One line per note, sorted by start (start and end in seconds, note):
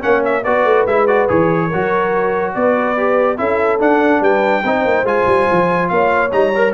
0.00 0.45 A#3
0.00 0.42 C#4
0.00 0.43 C#5
0.00 0.23 F#5
0.24 0.43 E5
0.43 0.64 B3
0.43 0.88 F#4
0.43 1.68 B4
0.43 0.85 D5
0.64 0.85 A3
0.86 1.28 G#3
0.86 1.08 E4
0.86 1.07 E5
1.07 1.28 F#4
1.07 1.28 D5
1.28 1.72 E3
1.28 1.70 G#4
1.28 2.54 C#5
1.68 2.55 F#3
1.68 2.97 F#4
1.68 2.52 A#4
2.54 3.39 B3
2.54 3.39 B4
2.54 3.37 D5
2.97 3.37 G4
3.37 3.81 C#4
3.37 3.79 E4
3.37 4.21 A4
3.37 3.79 E5
3.79 4.63 D4
3.79 4.21 D4
3.79 4.23 F#5
4.21 4.62 G3
4.21 4.63 B4
4.21 5.07 G5
4.64 4.85 C4
4.64 5.05 D#4
4.64 5.92 C5
4.85 5.03 A#3
5.03 5.24 G#3
5.03 6.31 F4
5.03 5.88 G#5
5.26 5.47 G3
5.51 5.90 F3
5.88 6.32 A#3
5.88 6.73 C#5
5.88 6.30 F5
6.31 6.73 G3
6.31 6.53 D#4
6.31 6.73 A#5
6.55 6.73 A#4